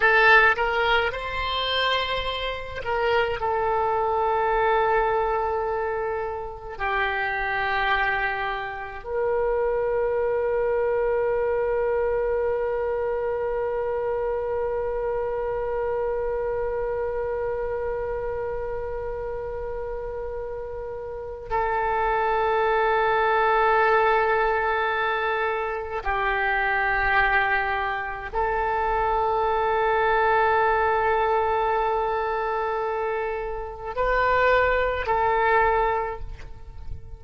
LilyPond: \new Staff \with { instrumentName = "oboe" } { \time 4/4 \tempo 4 = 53 a'8 ais'8 c''4. ais'8 a'4~ | a'2 g'2 | ais'1~ | ais'1~ |
ais'2. a'4~ | a'2. g'4~ | g'4 a'2.~ | a'2 b'4 a'4 | }